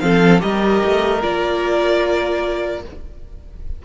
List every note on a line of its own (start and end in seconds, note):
0.00 0.42 F3
0.00 0.39 C4
0.00 0.42 A4
0.00 0.40 F5
0.39 0.83 G3
0.39 1.19 G4
0.39 2.82 A#4
0.39 1.22 D#5
0.84 1.24 A3
1.22 2.85 A#3
1.22 2.82 F4
1.22 2.82 D5